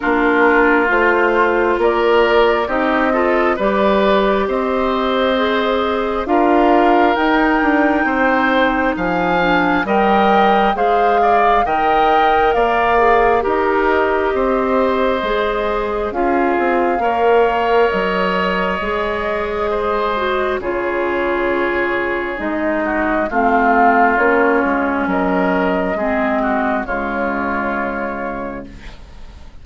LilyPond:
<<
  \new Staff \with { instrumentName = "flute" } { \time 4/4 \tempo 4 = 67 ais'4 c''4 d''4 dis''4 | d''4 dis''2 f''4 | g''2 gis''4 g''4 | f''4 g''4 f''4 dis''4~ |
dis''2 f''2 | dis''2. cis''4~ | cis''4 dis''4 f''4 cis''4 | dis''2 cis''2 | }
  \new Staff \with { instrumentName = "oboe" } { \time 4/4 f'2 ais'4 g'8 a'8 | b'4 c''2 ais'4~ | ais'4 c''4 f''4 dis''4 | c''8 d''8 dis''4 d''4 ais'4 |
c''2 gis'4 cis''4~ | cis''2 c''4 gis'4~ | gis'4. fis'8 f'2 | ais'4 gis'8 fis'8 f'2 | }
  \new Staff \with { instrumentName = "clarinet" } { \time 4/4 d'4 f'2 dis'8 f'8 | g'2 gis'4 f'4 | dis'2~ dis'8 d'8 ais'4 | gis'4 ais'4. gis'8 g'4~ |
g'4 gis'4 f'4 ais'4~ | ais'4 gis'4. fis'8 f'4~ | f'4 dis'4 c'4 cis'4~ | cis'4 c'4 gis2 | }
  \new Staff \with { instrumentName = "bassoon" } { \time 4/4 ais4 a4 ais4 c'4 | g4 c'2 d'4 | dis'8 d'8 c'4 f4 g4 | gis4 dis4 ais4 dis'4 |
c'4 gis4 cis'8 c'8 ais4 | fis4 gis2 cis4~ | cis4 gis4 a4 ais8 gis8 | fis4 gis4 cis2 | }
>>